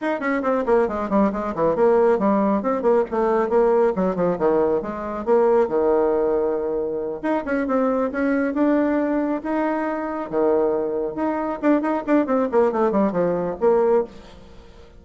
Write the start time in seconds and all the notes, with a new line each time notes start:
0.01 D#4
0.20 C#4
0.42 C4
0.66 A#3
0.88 G#3
1.09 G3
1.32 G#3
1.54 E3
1.75 A#3
2.18 G3
2.62 C4
2.81 A#3
3.11 A3
3.49 A#3
3.95 F#3
4.15 F3
4.38 D#3
4.82 G#3
5.25 A#3
5.67 D#3
7.22 D#4
7.45 C#4
7.67 C4
8.11 C#4
8.54 D4
9.43 D#4
10.30 D#3
11.15 D#4
11.62 D4
11.81 D#4
12.06 D4
12.26 C4
12.51 A#3
12.71 A3
12.91 G3
13.12 F3
13.60 A#3